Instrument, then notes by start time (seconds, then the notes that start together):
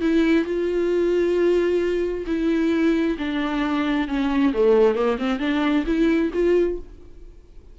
viola
0.00 E4
0.44 F4
2.26 E4
3.18 D4
4.07 C#4
4.53 A3
4.95 A#3
5.18 C4
5.39 D4
5.86 E4
6.33 F4